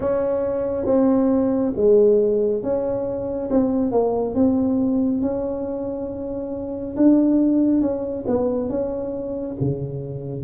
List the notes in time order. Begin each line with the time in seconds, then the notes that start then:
0.00 C#4
0.85 C4
1.75 G#3
2.62 C#4
3.50 C4
3.91 A#3
4.34 C4
5.21 C#4
6.96 D4
7.81 C#4
8.27 B3
8.70 C#4
9.60 C#3